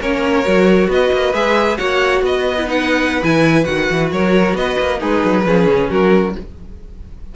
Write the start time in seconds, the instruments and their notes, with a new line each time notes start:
0.00 cello A#3, viola C#4, violin A#4 C#5
0.45 cello F#3, viola F#4
0.87 cello B3, violin B4 D#5
1.12 cello A#3
1.33 cello G#3, viola G#4, violin E5
1.77 cello A#3, viola F#4, violin C#5 F#5
2.22 cello B3, violin B4 D#5
2.58 viola E4
2.65 viola D#4, violin F#5
3.22 cello E3, viola E4, violin G#5
3.64 cello D#3, viola F#4, violin F#5
3.91 cello E3
4.12 cello F#3, violin A#4 C#5
4.54 cello B3, violin B4 D#5
4.79 cello A#3
5.00 cello G#3, violin D#4 B4, viola G#4
5.24 cello F#3
5.45 cello F3, viola C#4, violin G#4
5.67 cello C#3
5.90 cello F#3, violin F#4 A#4